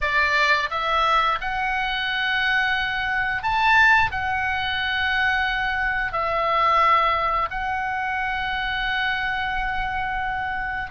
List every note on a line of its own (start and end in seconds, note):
0.01 0.69 D5
0.70 1.38 E5
1.40 3.42 F#5
3.42 4.11 A5
4.11 6.12 F#5
6.12 7.48 E5
7.50 10.91 F#5